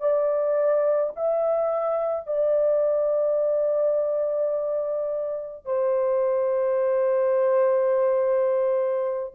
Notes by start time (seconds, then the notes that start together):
0.00 D5
1.16 E5
2.27 D5
5.65 C5